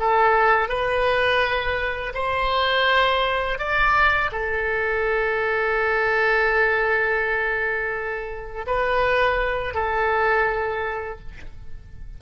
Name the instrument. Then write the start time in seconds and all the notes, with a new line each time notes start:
oboe
0.00 A4
0.69 B4
2.15 C5
3.59 D5
4.32 A4
8.67 B4
9.75 A4